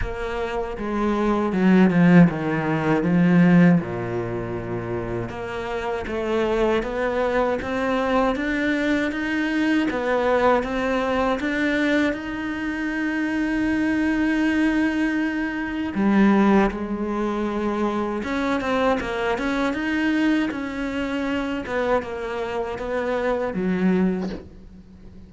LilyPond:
\new Staff \with { instrumentName = "cello" } { \time 4/4 \tempo 4 = 79 ais4 gis4 fis8 f8 dis4 | f4 ais,2 ais4 | a4 b4 c'4 d'4 | dis'4 b4 c'4 d'4 |
dis'1~ | dis'4 g4 gis2 | cis'8 c'8 ais8 cis'8 dis'4 cis'4~ | cis'8 b8 ais4 b4 fis4 | }